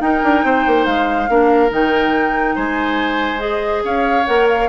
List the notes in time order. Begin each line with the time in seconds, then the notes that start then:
0.00 D#4 A#4 G5
0.23 D4
0.44 C4 C5
0.67 A#3
0.85 G#3 F5
1.29 A#3 D4 A#4
1.69 D#3 D#4 G5
2.55 G#3 C5 G#5
3.38 G#4 D#5
3.84 C#4 C#5 F5
4.26 A#3 A#4 F#5
4.49 F5